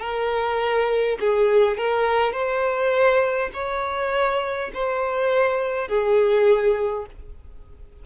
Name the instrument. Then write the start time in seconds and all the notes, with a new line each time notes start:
violin
0.00 A#4
1.20 G#4
1.77 A#4
2.32 C5
3.53 C#5
4.74 C5
5.88 G#4